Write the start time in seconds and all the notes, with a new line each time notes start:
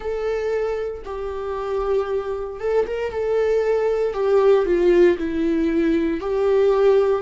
0.00 A4
1.04 G4
2.60 A4
2.86 A#4
3.11 A4
4.13 G4
4.65 F4
5.17 E4
6.20 G4